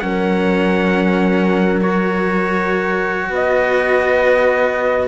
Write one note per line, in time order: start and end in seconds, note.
0.00 3.29 F#3
0.00 1.81 C#4
0.00 3.30 A#4
0.00 1.80 F#5
1.81 5.08 F#4
1.81 3.32 C#5
3.29 5.08 B3
3.29 5.08 B4
3.29 5.08 D#5